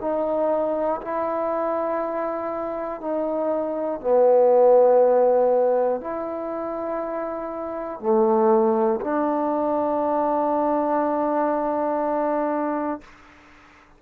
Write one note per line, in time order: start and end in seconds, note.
0.00 1.00 D#4
1.01 3.00 E4
3.00 4.00 D#4
4.00 6.00 B3
6.00 8.00 E4
8.00 9.00 A3
9.00 13.00 D4